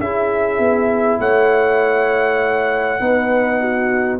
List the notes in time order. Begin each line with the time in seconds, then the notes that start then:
0.00 C#4 E4 G#4 E5
0.59 B3
1.20 A3 C#5 F#5
3.00 B3 D#4 B4
3.60 F#4